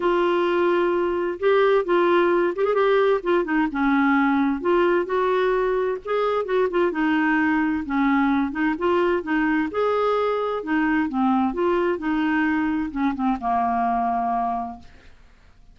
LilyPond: \new Staff \with { instrumentName = "clarinet" } { \time 4/4 \tempo 4 = 130 f'2. g'4 | f'4. g'16 gis'16 g'4 f'8 dis'8 | cis'2 f'4 fis'4~ | fis'4 gis'4 fis'8 f'8 dis'4~ |
dis'4 cis'4. dis'8 f'4 | dis'4 gis'2 dis'4 | c'4 f'4 dis'2 | cis'8 c'8 ais2. | }